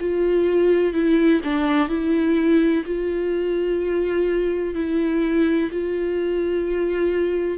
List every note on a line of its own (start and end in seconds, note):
0.00 0.93 F4
0.93 1.41 E4
1.43 1.88 D4
1.88 2.84 E4
2.85 4.74 F4
4.74 5.70 E4
5.71 7.58 F4